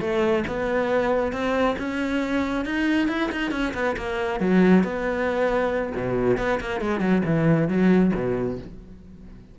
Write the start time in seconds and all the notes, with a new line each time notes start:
0.00 A3
0.47 B3
1.32 C4
1.78 C#4
2.65 D#4
3.08 E4
3.31 D#4
3.51 C#4
3.74 B3
3.96 A#3
4.40 F#3
4.84 B3
5.95 B2
6.37 B3
6.60 A#3
6.80 G#3
7.00 F#3
7.25 E3
7.68 F#3
8.14 B2